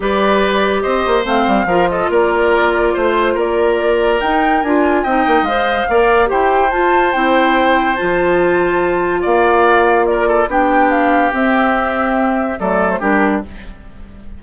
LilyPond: <<
  \new Staff \with { instrumentName = "flute" } { \time 4/4 \tempo 4 = 143 d''2 dis''4 f''4~ | f''8 dis''8 d''2 c''4 | d''2 g''4 gis''4 | g''4 f''2 g''4 |
a''4 g''2 a''4~ | a''2 f''2 | d''4 g''4 f''4 e''4~ | e''2 d''8. c''16 ais'4 | }
  \new Staff \with { instrumentName = "oboe" } { \time 4/4 b'2 c''2 | ais'8 a'8 ais'2 c''4 | ais'1 | dis''2 d''4 c''4~ |
c''1~ | c''2 d''2 | ais'8 a'8 g'2.~ | g'2 a'4 g'4 | }
  \new Staff \with { instrumentName = "clarinet" } { \time 4/4 g'2. c'4 | f'1~ | f'2 dis'4 f'4 | dis'4 c''4 ais'4 g'4 |
f'4 e'2 f'4~ | f'1~ | f'4 d'2 c'4~ | c'2 a4 d'4 | }
  \new Staff \with { instrumentName = "bassoon" } { \time 4/4 g2 c'8 ais8 a8 g8 | f4 ais2 a4 | ais2 dis'4 d'4 | c'8 ais8 gis4 ais4 e'4 |
f'4 c'2 f4~ | f2 ais2~ | ais4 b2 c'4~ | c'2 fis4 g4 | }
>>